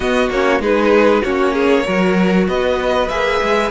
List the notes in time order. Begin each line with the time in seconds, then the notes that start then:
0.00 B3 F#4 D#5
0.29 A#3 C#4 C#5
0.60 G#3 D#4 G#4 B4
1.22 A#3 C#4 F#4 C#5
1.52 G#4
1.85 F#3 F#4 A#4
2.47 B3 B4 D#5
3.09 A#3 G#4 E5
3.42 G#3